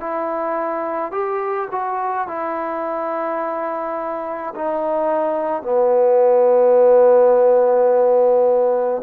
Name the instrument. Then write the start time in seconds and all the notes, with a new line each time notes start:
trombone
0.00 E4
1.12 G4
1.71 F#4
2.27 E4
4.55 D#4
5.62 B3